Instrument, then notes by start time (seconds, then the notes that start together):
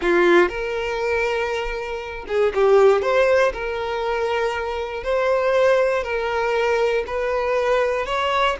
violin
0.01 F4
0.48 A#4
2.27 G#4
2.54 G4
3.02 C5
3.53 A#4
5.03 C5
6.03 A#4
7.06 B4
8.06 C#5